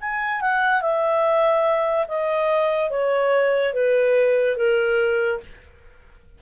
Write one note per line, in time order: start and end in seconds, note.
0.00 0.41 G#5
0.41 0.81 F#5
0.81 2.06 E5
2.07 2.90 D#5
2.90 3.73 C#5
3.73 4.56 B4
4.56 5.40 A#4